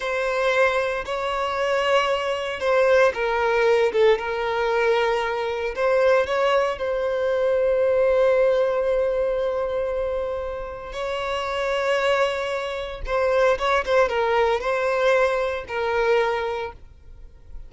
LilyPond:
\new Staff \with { instrumentName = "violin" } { \time 4/4 \tempo 4 = 115 c''2 cis''2~ | cis''4 c''4 ais'4. a'8 | ais'2. c''4 | cis''4 c''2.~ |
c''1~ | c''4 cis''2.~ | cis''4 c''4 cis''8 c''8 ais'4 | c''2 ais'2 | }